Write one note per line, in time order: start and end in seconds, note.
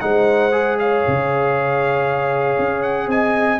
0.00 1.04 G#3
0.00 0.51 D#4
0.00 0.80 C5
0.00 0.77 F#5
0.51 3.59 G#4
0.79 3.09 C#5
0.79 2.82 F5
1.07 2.58 C#3
2.58 3.07 C#4
2.82 3.08 F#5
3.07 3.58 C4
3.07 3.59 D#5
3.07 3.59 G#5